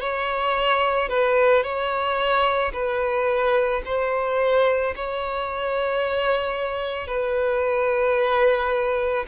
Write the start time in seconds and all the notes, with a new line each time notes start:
0.00 C#5
1.09 B4
1.63 C#5
2.73 B4
3.85 C5
4.95 C#5
7.07 B4